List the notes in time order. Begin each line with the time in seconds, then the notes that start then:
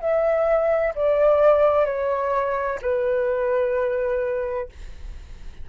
0.00 E5
0.95 D5
1.85 C#5
2.82 B4